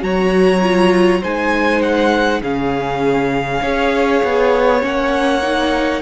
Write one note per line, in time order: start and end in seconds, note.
0.00 1.23 F#3
0.00 0.60 F#4
0.00 1.21 C#5
0.00 1.23 A#5
0.62 1.22 F4
1.21 2.42 G#3
1.21 2.43 D#4
1.21 2.41 C5
1.21 1.82 G#5
1.82 2.42 F#5
2.42 3.62 C#3
2.42 3.63 C#4
2.42 3.62 G#4
2.42 4.83 F5
3.62 4.22 C#4
3.62 4.81 G#4
3.62 6.02 C#5
4.24 4.83 B3
4.81 6.02 A#3
4.81 5.41 C#4
4.81 6.02 F#5
5.43 6.02 D#4